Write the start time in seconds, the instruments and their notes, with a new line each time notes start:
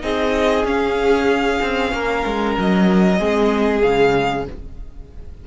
0.00 cello C4, viola D#4, violin G#4 D#5
0.64 cello C#4, viola C#4, violin F5
1.61 cello C4
1.92 cello A#3, violin A#4
2.26 cello G#3
2.58 cello F#3, violin D#5
3.18 cello G#3, viola C4, violin G#4
3.82 cello C#3, viola G#3, violin F5